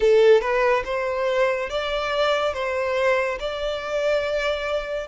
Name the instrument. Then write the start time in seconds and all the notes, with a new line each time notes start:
violin
0.00 A4
0.41 B4
0.85 C5
1.69 D5
2.54 C5
3.39 D5